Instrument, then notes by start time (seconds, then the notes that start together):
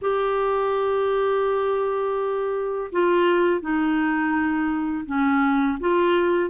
clarinet
0.01 G4
2.91 F4
3.60 D#4
5.06 C#4
5.80 F4